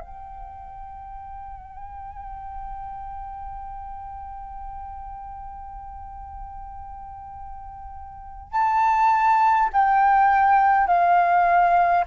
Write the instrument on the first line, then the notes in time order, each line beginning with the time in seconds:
flute
0.00 G5
8.52 A5
9.73 G5
10.87 F5